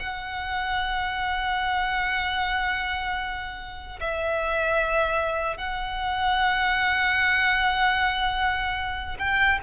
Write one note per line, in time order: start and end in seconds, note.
0.00 4.00 F#5
4.01 5.58 E5
5.58 9.18 F#5
9.19 9.59 G5